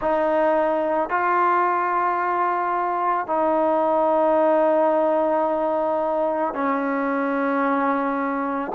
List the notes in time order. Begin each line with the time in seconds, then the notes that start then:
0.00 D#4
1.09 F4
3.27 D#4
6.54 C#4